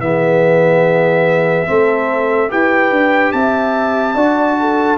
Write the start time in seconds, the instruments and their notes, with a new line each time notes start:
0.00 tuba E3, trombone B3, horn G#4, trumpet E5
1.67 tuba A3, trombone C4, horn A4
2.49 tuba E4, trombone G4, horn B4, trumpet G5
2.91 tuba D4
3.32 tuba C4, horn E5, trumpet A5
4.15 tuba D4, trombone F#4, horn D5
4.60 horn A4